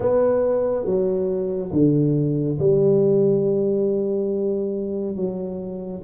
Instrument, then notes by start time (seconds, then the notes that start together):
tuba
0.00 B3
0.85 F#3
1.72 D3
2.59 G3
5.16 F#3